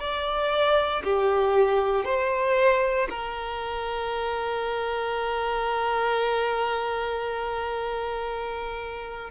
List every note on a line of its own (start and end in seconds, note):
0.00 1.03 D5
1.04 2.05 G4
2.05 3.08 C5
3.10 9.31 A#4